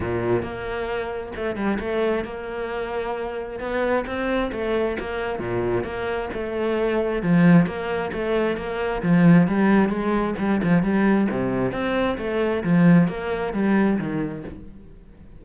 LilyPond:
\new Staff \with { instrumentName = "cello" } { \time 4/4 \tempo 4 = 133 ais,4 ais2 a8 g8 | a4 ais2. | b4 c'4 a4 ais4 | ais,4 ais4 a2 |
f4 ais4 a4 ais4 | f4 g4 gis4 g8 f8 | g4 c4 c'4 a4 | f4 ais4 g4 dis4 | }